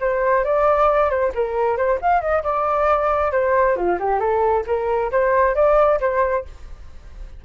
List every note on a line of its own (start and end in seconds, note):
0.00 0.44 C5
0.44 1.10 D5
1.10 1.32 C5
1.34 1.77 A#4
1.77 1.99 C5
2.01 2.21 F5
2.21 2.43 D#5
2.43 3.31 D5
3.31 3.76 C5
3.76 3.98 F4
3.99 4.20 G4
4.20 4.64 A4
4.66 5.11 A#4
5.11 5.55 C5
5.55 5.99 D5
6.00 6.44 C5